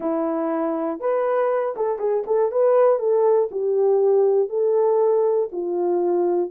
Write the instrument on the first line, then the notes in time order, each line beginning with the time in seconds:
horn
0.00 E4
1.00 B4
1.76 A4
1.99 G#4
2.26 A4
2.51 B4
2.99 A4
3.51 G4
4.49 A4
5.52 F4